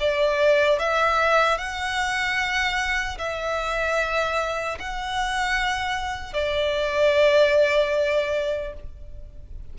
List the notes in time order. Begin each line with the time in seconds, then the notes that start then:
0.00 D5
0.80 E5
1.58 F#5
3.19 E5
4.80 F#5
6.34 D5